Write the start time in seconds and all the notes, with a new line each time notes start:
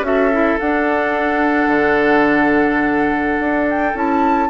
0.00 C#4 F#4 E5
0.06 A4
0.32 E4
0.59 D4 F#5
1.67 D3
3.39 D4
3.70 G5
3.94 C#4 E4 A5